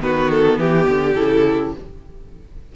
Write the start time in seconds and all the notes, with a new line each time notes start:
0.00 D#3 B3 F#4 B4
0.31 A4
0.58 E3 G4
0.87 D3
1.14 C#3 E4 A4